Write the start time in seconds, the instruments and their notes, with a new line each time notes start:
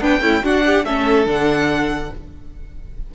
0.00 cello B3, viola B3, violin D4 G5
0.21 viola A3, cello C#4, violin E4
0.44 viola D4, cello D4, violin F#4 F#5
0.66 violin G4
0.85 cello A3, viola C#4, violin A4 E5
1.27 cello D3, viola D4, violin F#5